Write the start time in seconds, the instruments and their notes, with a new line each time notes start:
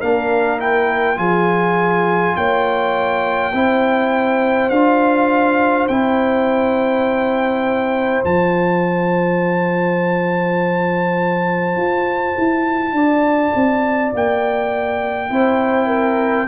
0.00 tuba A#3, trombone D4, horn A#4, trumpet F5
0.59 trombone E4, trumpet G5
1.16 tuba F3, trombone F4, horn G#4, trumpet G#5
2.36 tuba A#3, horn C#5, trumpet G5
3.53 tuba C4, trombone E4, horn C5
4.69 tuba D4, trombone F4, trumpet F5
5.87 tuba C4, trombone E4, trumpet G5
8.24 tuba F3, trombone F4, trumpet A5
11.76 tuba F4
12.37 tuba E4
12.92 tuba D4, horn D5
13.55 tuba C4
14.14 tuba A#3, trumpet G5
15.29 tuba C4, trombone E4, horn C5
15.87 horn A#4